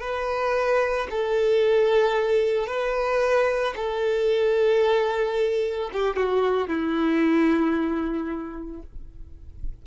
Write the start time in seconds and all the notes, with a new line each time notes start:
0.00 B4
1.10 A4
2.66 B4
3.76 A4
5.93 G4
6.16 F#4
6.67 E4